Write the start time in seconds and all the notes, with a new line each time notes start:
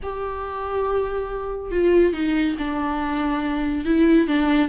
0.02 G4
1.71 F4
2.13 D#4
2.58 D4
3.85 E4
4.27 D4